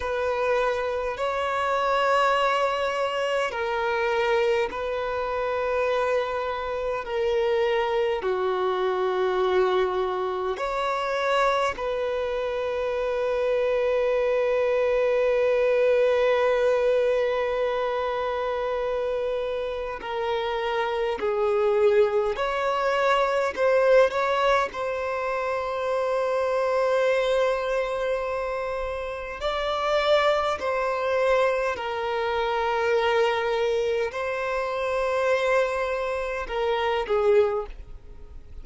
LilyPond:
\new Staff \with { instrumentName = "violin" } { \time 4/4 \tempo 4 = 51 b'4 cis''2 ais'4 | b'2 ais'4 fis'4~ | fis'4 cis''4 b'2~ | b'1~ |
b'4 ais'4 gis'4 cis''4 | c''8 cis''8 c''2.~ | c''4 d''4 c''4 ais'4~ | ais'4 c''2 ais'8 gis'8 | }